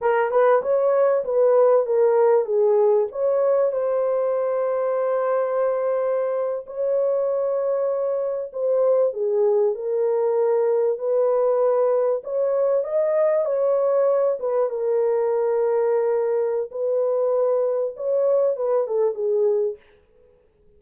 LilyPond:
\new Staff \with { instrumentName = "horn" } { \time 4/4 \tempo 4 = 97 ais'8 b'8 cis''4 b'4 ais'4 | gis'4 cis''4 c''2~ | c''2~ c''8. cis''4~ cis''16~ | cis''4.~ cis''16 c''4 gis'4 ais'16~ |
ais'4.~ ais'16 b'2 cis''16~ | cis''8. dis''4 cis''4. b'8 ais'16~ | ais'2. b'4~ | b'4 cis''4 b'8 a'8 gis'4 | }